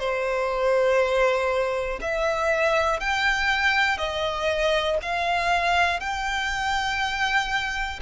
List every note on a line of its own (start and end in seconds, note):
0.00 2.00 C5
2.01 3.00 E5
3.00 3.98 G5
3.98 4.98 D#5
5.02 6.00 F5
6.00 8.00 G5